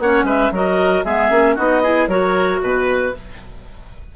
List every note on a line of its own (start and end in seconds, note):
0.00 0.24 A#3
0.00 0.54 C#4
0.00 0.26 C#5
0.00 0.27 F#5
0.24 0.50 G#3
0.24 0.52 B4
0.24 0.54 E5
0.52 1.04 F#3
0.52 1.05 F#4
0.52 1.05 A#4
0.52 1.05 D#5
1.05 1.30 G#3
1.05 1.31 B3
1.05 1.56 G#4
1.05 1.57 E5
1.30 1.56 A#3
1.30 1.57 C#4
1.56 2.08 B3
1.56 1.83 D#4
1.56 1.82 F#4
1.56 2.08 D#5
1.83 2.10 E4
1.83 2.09 G#4
2.08 2.60 F#3
2.08 3.14 F#4
2.08 2.62 A#4
2.08 2.60 C#5
2.62 3.14 B2
2.62 3.16 B4